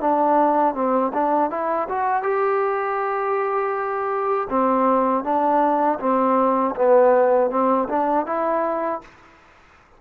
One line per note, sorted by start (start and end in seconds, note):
0.00 0.74 D4
0.74 1.11 C4
1.13 1.50 D4
1.50 1.88 E4
1.89 2.23 F#4
2.23 4.48 G4
4.49 5.24 C4
5.24 5.99 D4
5.99 6.74 C4
6.75 7.50 B3
7.50 7.88 C4
7.89 8.26 D4
8.26 9.01 E4